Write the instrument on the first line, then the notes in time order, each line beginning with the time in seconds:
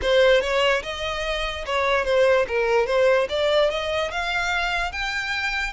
violin
0.01 C5
0.41 C#5
0.82 D#5
1.65 C#5
2.05 C5
2.47 A#4
2.86 C5
3.29 D5
3.70 D#5
4.11 F5
4.92 G5